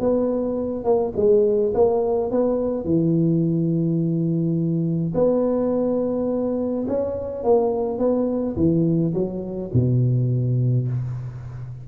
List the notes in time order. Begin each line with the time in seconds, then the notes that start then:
0.00 B3
0.84 A#3
1.17 G#3
1.75 A#3
2.31 B3
2.85 E3
5.15 B3
6.88 C#4
7.44 A#3
7.99 B3
8.57 E3
9.14 F#3
9.74 B2